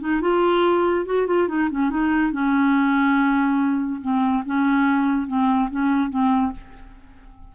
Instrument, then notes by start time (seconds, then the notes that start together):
clarinet
0.00 D#4
0.21 F4
1.05 F#4
1.27 F4
1.48 D#4
1.70 C#4
1.90 D#4
2.32 C#4
4.01 C4
4.45 C#4
5.27 C4
5.70 C#4
6.09 C4